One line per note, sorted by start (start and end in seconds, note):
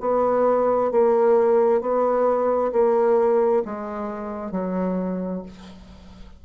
0.00 0.91 B3
0.91 1.81 A#3
1.81 2.71 B3
2.72 3.63 A#3
3.65 4.51 G#3
4.51 5.42 F#3